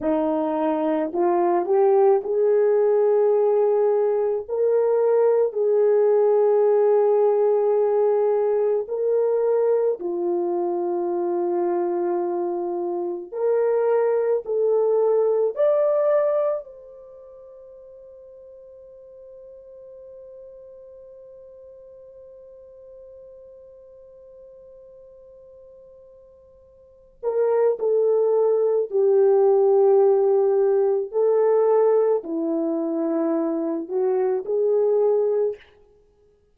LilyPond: \new Staff \with { instrumentName = "horn" } { \time 4/4 \tempo 4 = 54 dis'4 f'8 g'8 gis'2 | ais'4 gis'2. | ais'4 f'2. | ais'4 a'4 d''4 c''4~ |
c''1~ | c''1~ | c''8 ais'8 a'4 g'2 | a'4 e'4. fis'8 gis'4 | }